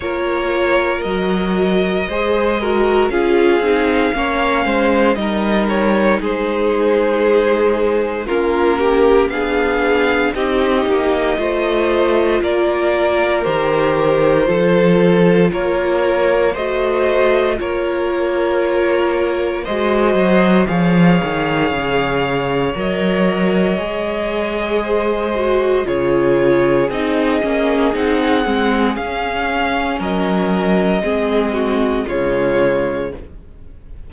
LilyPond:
<<
  \new Staff \with { instrumentName = "violin" } { \time 4/4 \tempo 4 = 58 cis''4 dis''2 f''4~ | f''4 dis''8 cis''8 c''2 | ais'4 f''4 dis''2 | d''4 c''2 cis''4 |
dis''4 cis''2 dis''4 | f''2 dis''2~ | dis''4 cis''4 dis''4 fis''4 | f''4 dis''2 cis''4 | }
  \new Staff \with { instrumentName = "violin" } { \time 4/4 ais'2 c''8 ais'8 gis'4 | cis''8 c''8 ais'4 gis'2 | f'8 g'8 gis'4 g'4 c''4 | ais'2 a'4 ais'4 |
c''4 ais'2 c''4 | cis''1 | c''4 gis'2.~ | gis'4 ais'4 gis'8 fis'8 f'4 | }
  \new Staff \with { instrumentName = "viola" } { \time 4/4 f'4 fis'4 gis'8 fis'8 f'8 dis'8 | cis'4 dis'2. | cis'4 d'4 dis'4 f'4~ | f'4 g'4 f'2 |
fis'4 f'2 fis'4 | gis'2 ais'4 gis'4~ | gis'8 fis'8 f'4 dis'8 cis'8 dis'8 c'8 | cis'2 c'4 gis4 | }
  \new Staff \with { instrumentName = "cello" } { \time 4/4 ais4 fis4 gis4 cis'8 c'8 | ais8 gis8 g4 gis2 | ais4 b4 c'8 ais8 a4 | ais4 dis4 f4 ais4 |
a4 ais2 gis8 fis8 | f8 dis8 cis4 fis4 gis4~ | gis4 cis4 c'8 ais8 c'8 gis8 | cis'4 fis4 gis4 cis4 | }
>>